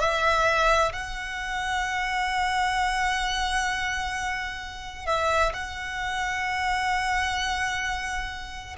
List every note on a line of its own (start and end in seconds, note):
0.00 0.92 E5
0.93 5.06 F#5
5.06 5.52 E5
5.53 8.76 F#5